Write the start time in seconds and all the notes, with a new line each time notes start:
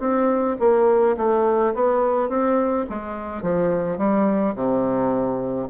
0.00 C4
0.60 A#3
1.17 A3
1.74 B3
2.29 C4
2.89 G#3
3.42 F3
3.98 G3
4.55 C3